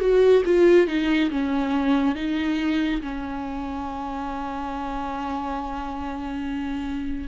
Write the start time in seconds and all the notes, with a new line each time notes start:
0.00 F#4
0.45 F4
0.87 D#4
1.31 C#4
2.15 D#4
3.02 C#4